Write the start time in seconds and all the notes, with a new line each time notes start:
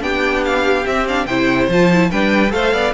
0.00 B3 D4 G4 G5
0.45 F5
0.86 C4 E5
1.07 D4 F5
1.26 C3 E4 C5 G5
1.68 F3 F4 A5
1.92 E4
2.11 G3 D4 B4 G5
2.49 A3 A4 C5 F5
2.73 B3 D5